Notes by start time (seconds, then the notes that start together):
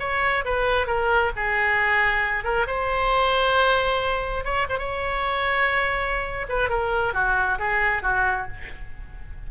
0.00 C#5
0.45 B4
0.87 A#4
1.36 G#4
2.44 A#4
2.67 C5
4.45 C#5
4.70 C5
4.79 C#5
6.49 B4
6.69 A#4
7.14 F#4
7.59 G#4
8.03 F#4